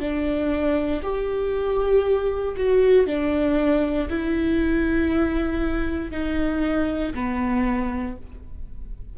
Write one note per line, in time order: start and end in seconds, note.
0.00 1.02 D4
1.03 2.56 G4
2.57 3.07 F#4
3.07 4.09 D4
4.10 6.12 E4
6.12 7.13 D#4
7.15 8.16 B3